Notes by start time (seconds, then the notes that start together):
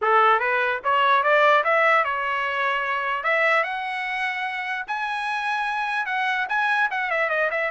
0.01 A4
0.39 B4
0.83 C#5
1.23 D5
1.64 E5
2.04 C#5
3.23 E5
3.63 F#5
4.87 G#5
6.06 F#5
6.49 G#5
6.90 F#5
7.10 E5
7.29 D#5
7.51 E5